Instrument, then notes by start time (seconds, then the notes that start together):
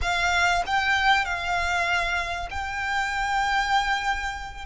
violin
0.01 F5
0.66 G5
1.25 F5
2.50 G5